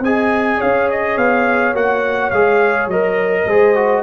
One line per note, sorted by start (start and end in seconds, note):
0.00 0.57 C4
0.00 1.75 G#4
0.00 0.58 D#5
0.00 0.61 G#5
0.58 1.17 C#4
0.58 3.44 C#5
0.58 0.89 F5
0.90 1.18 D#5
1.17 1.74 B3
1.17 1.75 F5
1.74 2.31 A#3
1.74 2.32 F#4
1.74 2.31 F#5
2.31 2.87 G#3
2.31 2.91 G#4
2.31 2.88 F5
2.87 3.45 F#3
2.87 3.49 A#4
2.87 4.03 D#5
3.45 4.02 G#3
3.45 3.75 G#4
3.45 4.03 C5
3.75 4.03 F#4